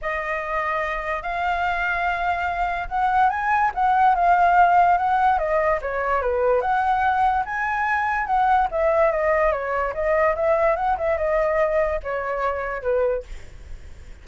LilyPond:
\new Staff \with { instrumentName = "flute" } { \time 4/4 \tempo 4 = 145 dis''2. f''4~ | f''2. fis''4 | gis''4 fis''4 f''2 | fis''4 dis''4 cis''4 b'4 |
fis''2 gis''2 | fis''4 e''4 dis''4 cis''4 | dis''4 e''4 fis''8 e''8 dis''4~ | dis''4 cis''2 b'4 | }